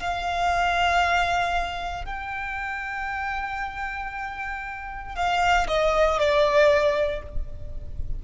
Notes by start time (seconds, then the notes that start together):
0.00 F5
2.05 G5
5.15 F5
5.68 D#5
6.19 D5